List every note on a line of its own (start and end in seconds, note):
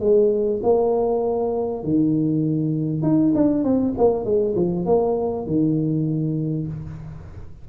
0.00 0.61 G#3
0.64 1.84 A#3
1.84 3.03 D#3
3.03 3.33 D#4
3.35 3.64 D4
3.64 3.95 C4
3.98 4.25 A#3
4.25 4.55 G#3
4.56 4.86 F3
4.86 5.47 A#3
5.47 6.68 D#3